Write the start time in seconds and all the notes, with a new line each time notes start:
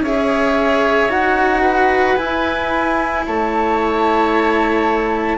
0.00 C#4 G#4 C#5 E5
1.10 D#4 F#4 F#5
1.62 B4
2.17 E4 G#5
3.26 A3 C#5 A5